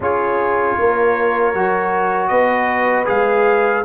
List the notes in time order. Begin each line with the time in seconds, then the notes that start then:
0.00 C#4 F4 G#4 C#5
0.78 A#3 A#4
1.54 F#3 F#4
2.27 B3 B4 D#5
3.05 G#3 G#4 F5